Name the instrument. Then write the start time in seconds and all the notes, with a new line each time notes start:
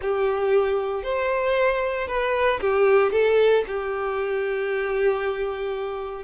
violin
0.01 G4
1.03 C5
2.07 B4
2.60 G4
3.12 A4
3.67 G4